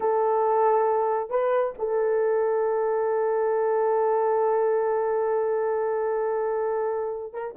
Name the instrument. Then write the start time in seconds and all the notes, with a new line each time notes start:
horn
0.00 A4
1.29 B4
1.78 A4
7.33 A#4